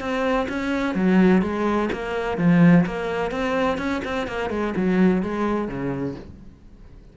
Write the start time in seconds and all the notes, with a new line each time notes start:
0.00 C4
0.49 C#4
0.95 F#3
1.42 G#3
1.92 A#3
2.38 F3
2.86 A#3
3.32 C4
3.78 C#4
4.04 C4
4.27 A#3
4.50 G#3
4.76 F#3
5.22 G#3
5.68 C#3